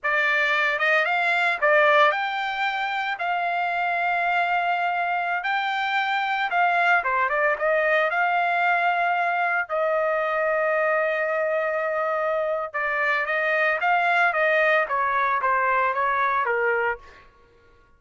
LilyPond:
\new Staff \with { instrumentName = "trumpet" } { \time 4/4 \tempo 4 = 113 d''4. dis''8 f''4 d''4 | g''2 f''2~ | f''2~ f''16 g''4.~ g''16~ | g''16 f''4 c''8 d''8 dis''4 f''8.~ |
f''2~ f''16 dis''4.~ dis''16~ | dis''1 | d''4 dis''4 f''4 dis''4 | cis''4 c''4 cis''4 ais'4 | }